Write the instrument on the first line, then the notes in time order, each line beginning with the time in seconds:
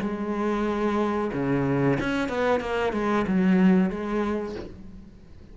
cello
0.00 G#3
1.33 C#3
2.00 C#4
2.29 B3
2.60 A#3
2.93 G#3
3.27 F#3
3.90 G#3